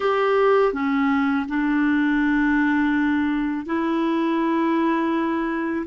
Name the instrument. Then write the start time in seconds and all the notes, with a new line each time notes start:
clarinet
0.00 G4
0.73 C#4
1.48 D4
3.66 E4